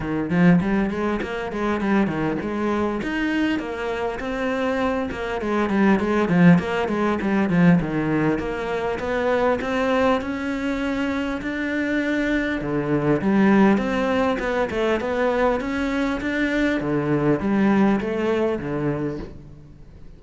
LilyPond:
\new Staff \with { instrumentName = "cello" } { \time 4/4 \tempo 4 = 100 dis8 f8 g8 gis8 ais8 gis8 g8 dis8 | gis4 dis'4 ais4 c'4~ | c'8 ais8 gis8 g8 gis8 f8 ais8 gis8 | g8 f8 dis4 ais4 b4 |
c'4 cis'2 d'4~ | d'4 d4 g4 c'4 | b8 a8 b4 cis'4 d'4 | d4 g4 a4 d4 | }